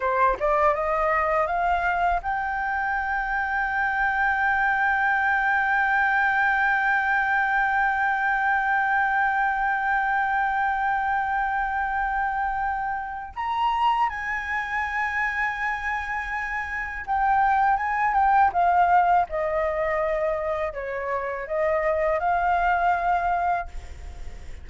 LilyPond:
\new Staff \with { instrumentName = "flute" } { \time 4/4 \tempo 4 = 81 c''8 d''8 dis''4 f''4 g''4~ | g''1~ | g''1~ | g''1~ |
g''2 ais''4 gis''4~ | gis''2. g''4 | gis''8 g''8 f''4 dis''2 | cis''4 dis''4 f''2 | }